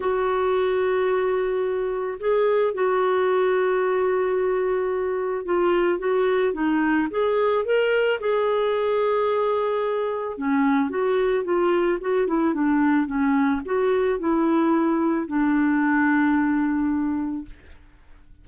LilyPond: \new Staff \with { instrumentName = "clarinet" } { \time 4/4 \tempo 4 = 110 fis'1 | gis'4 fis'2.~ | fis'2 f'4 fis'4 | dis'4 gis'4 ais'4 gis'4~ |
gis'2. cis'4 | fis'4 f'4 fis'8 e'8 d'4 | cis'4 fis'4 e'2 | d'1 | }